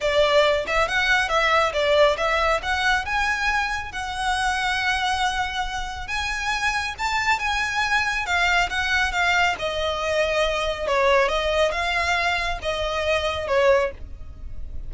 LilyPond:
\new Staff \with { instrumentName = "violin" } { \time 4/4 \tempo 4 = 138 d''4. e''8 fis''4 e''4 | d''4 e''4 fis''4 gis''4~ | gis''4 fis''2.~ | fis''2 gis''2 |
a''4 gis''2 f''4 | fis''4 f''4 dis''2~ | dis''4 cis''4 dis''4 f''4~ | f''4 dis''2 cis''4 | }